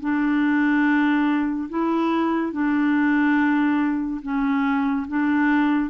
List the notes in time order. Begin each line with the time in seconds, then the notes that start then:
0.00 D4
1.69 E4
2.52 D4
4.22 C#4
5.08 D4